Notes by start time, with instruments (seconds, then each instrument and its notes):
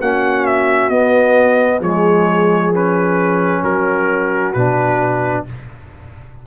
0.00 tuba A#3, trombone C#4, horn F#4, trumpet F#5
0.46 trumpet E5
0.89 tuba B3, trombone B3, trumpet D#5
1.80 tuba F3, trombone G#3, horn G#4, trumpet C#5
2.73 trombone C#4, trumpet B4
3.62 tuba F#3, horn F#4, trumpet A#4
4.53 tuba B2, trombone D4, trumpet B4